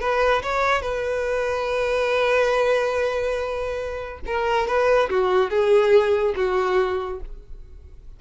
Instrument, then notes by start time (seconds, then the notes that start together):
violin
0.00 B4
0.42 C#5
0.82 B4
4.26 A#4
4.67 B4
5.10 F#4
5.50 G#4
6.36 F#4